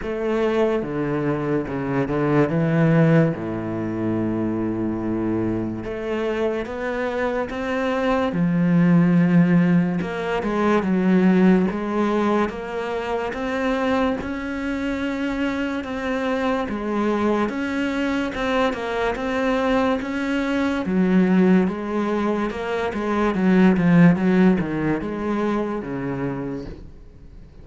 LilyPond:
\new Staff \with { instrumentName = "cello" } { \time 4/4 \tempo 4 = 72 a4 d4 cis8 d8 e4 | a,2. a4 | b4 c'4 f2 | ais8 gis8 fis4 gis4 ais4 |
c'4 cis'2 c'4 | gis4 cis'4 c'8 ais8 c'4 | cis'4 fis4 gis4 ais8 gis8 | fis8 f8 fis8 dis8 gis4 cis4 | }